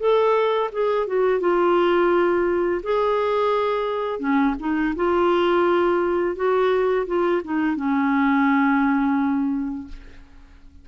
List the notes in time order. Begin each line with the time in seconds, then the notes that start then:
0.00 A4
0.73 G#4
1.07 F#4
1.41 F4
2.83 G#4
4.20 C#4
4.59 D#4
4.96 F4
6.36 F#4
7.07 F4
7.44 D#4
7.76 C#4